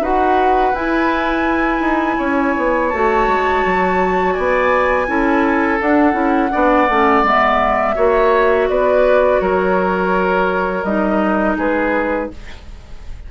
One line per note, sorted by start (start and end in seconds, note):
0.00 0.72 D#4
0.00 0.74 F#4
0.00 2.17 B4
0.00 0.75 F#5
0.73 1.80 E4
0.73 2.91 E4
0.73 2.89 G#5
1.80 2.16 D#4
2.17 2.56 C#4
2.17 4.34 C#5
2.57 2.93 B3
2.89 3.27 A3
2.89 5.07 F#4
2.89 4.33 A5
3.27 3.64 G#3
3.65 4.37 F#3
4.33 5.08 B3
4.33 5.06 D5
4.33 5.78 G#5
5.07 5.80 C#4
5.07 5.79 E4
5.07 6.52 A4
5.79 6.12 D4
5.79 6.13 D4
5.79 7.26 F#5
6.12 6.50 C#4
6.12 6.48 E4
6.51 6.89 B3
6.51 6.87 D4
6.51 7.95 D5
6.89 7.23 A3
6.89 7.23 C#4
7.23 7.95 G#3
7.23 7.95 B3
7.23 8.69 E5
7.95 8.69 A#3
7.95 10.84 F#4
7.95 8.68 C#5
8.69 9.41 B3
8.69 9.41 B4
8.69 9.41 D5
9.41 10.83 F#3
9.41 11.57 A#4
9.41 10.84 C#5
10.83 11.56 G3
10.83 12.31 D#4
10.83 11.56 D#5
11.57 12.30 G#3
11.57 12.30 G#4
11.57 12.31 B4